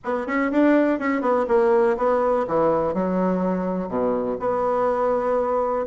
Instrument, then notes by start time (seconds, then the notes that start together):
bassoon
0.04 B3
0.26 C#4
0.51 D4
0.99 C#4
1.21 B3
1.48 A#3
1.97 B3
2.47 E3
2.94 F#3
3.88 B2
4.39 B3